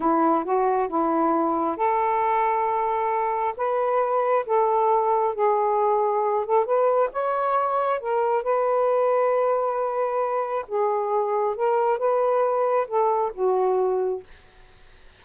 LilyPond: \new Staff \with { instrumentName = "saxophone" } { \time 4/4 \tempo 4 = 135 e'4 fis'4 e'2 | a'1 | b'2 a'2 | gis'2~ gis'8 a'8 b'4 |
cis''2 ais'4 b'4~ | b'1 | gis'2 ais'4 b'4~ | b'4 a'4 fis'2 | }